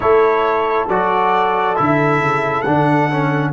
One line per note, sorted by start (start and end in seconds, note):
0.00 0.87 A3
0.00 0.88 E4
0.00 3.53 A4
0.00 0.88 C#5
0.87 1.76 F#3
0.87 1.76 F#4
0.87 1.76 D5
1.76 2.20 D3
1.76 2.64 E4
1.76 2.62 E5
2.20 2.64 C#3
2.62 3.53 D3
2.62 3.10 D4
2.62 3.50 F#5
3.10 3.53 C#4